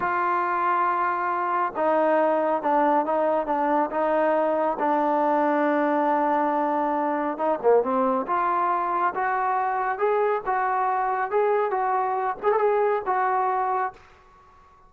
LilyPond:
\new Staff \with { instrumentName = "trombone" } { \time 4/4 \tempo 4 = 138 f'1 | dis'2 d'4 dis'4 | d'4 dis'2 d'4~ | d'1~ |
d'4 dis'8 ais8 c'4 f'4~ | f'4 fis'2 gis'4 | fis'2 gis'4 fis'4~ | fis'8 gis'16 a'16 gis'4 fis'2 | }